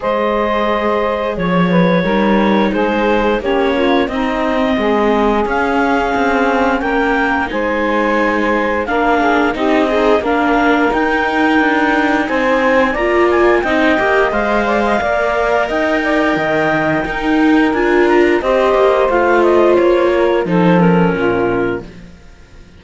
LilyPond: <<
  \new Staff \with { instrumentName = "clarinet" } { \time 4/4 \tempo 4 = 88 dis''2 cis''2 | c''4 cis''4 dis''2 | f''2 g''4 gis''4~ | gis''4 f''4 dis''4 f''4 |
g''2 gis''4 ais''8 gis''8 | g''4 f''2 g''4~ | g''2 gis''8 ais''8 dis''4 | f''8 dis''8 cis''4 c''8 ais'4. | }
  \new Staff \with { instrumentName = "saxophone" } { \time 4/4 c''2 cis''8 b'8 ais'4 | gis'4 g'8 f'8 dis'4 gis'4~ | gis'2 ais'4 c''4~ | c''4 ais'8 gis'8 g'8 dis'8 ais'4~ |
ais'2 c''4 d''4 | dis''4. d''16 dis''16 d''4 dis''8 d''8 | dis''4 ais'2 c''4~ | c''4. ais'8 a'4 f'4 | }
  \new Staff \with { instrumentName = "viola" } { \time 4/4 gis'2. dis'4~ | dis'4 cis'4 c'2 | cis'2. dis'4~ | dis'4 d'4 dis'8 gis'8 d'4 |
dis'2. f'4 | dis'8 g'8 c''4 ais'2~ | ais'4 dis'4 f'4 g'4 | f'2 dis'8 cis'4. | }
  \new Staff \with { instrumentName = "cello" } { \time 4/4 gis2 f4 g4 | gis4 ais4 c'4 gis4 | cis'4 c'4 ais4 gis4~ | gis4 ais4 c'4 ais4 |
dis'4 d'4 c'4 ais4 | c'8 ais8 gis4 ais4 dis'4 | dis4 dis'4 d'4 c'8 ais8 | a4 ais4 f4 ais,4 | }
>>